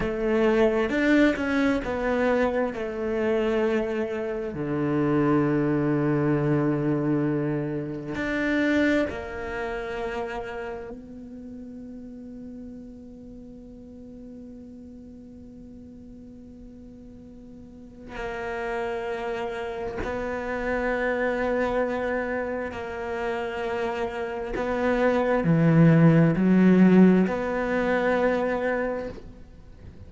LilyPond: \new Staff \with { instrumentName = "cello" } { \time 4/4 \tempo 4 = 66 a4 d'8 cis'8 b4 a4~ | a4 d2.~ | d4 d'4 ais2 | b1~ |
b1 | ais2 b2~ | b4 ais2 b4 | e4 fis4 b2 | }